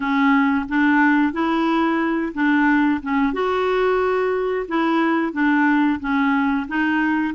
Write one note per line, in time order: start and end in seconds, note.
0.00 0.65 C#4
0.68 1.32 D4
1.32 2.32 E4
2.34 3.00 D4
3.02 3.33 C#4
3.33 4.66 F#4
4.68 5.32 E4
5.32 5.99 D4
6.00 6.66 C#4
6.68 7.34 D#4